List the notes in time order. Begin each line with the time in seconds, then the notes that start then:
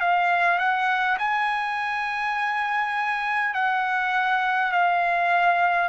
0.00 F5
0.59 F#5
1.19 G#5
3.54 F#5
4.72 F5